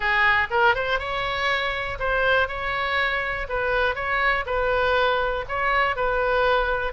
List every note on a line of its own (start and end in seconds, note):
0.00 0.47 G#4
0.50 0.75 A#4
0.75 0.99 C5
0.99 1.98 C#5
1.99 2.48 C5
2.48 3.47 C#5
3.48 3.95 B4
3.95 4.44 C#5
4.45 5.45 B4
5.48 5.95 C#5
5.95 6.92 B4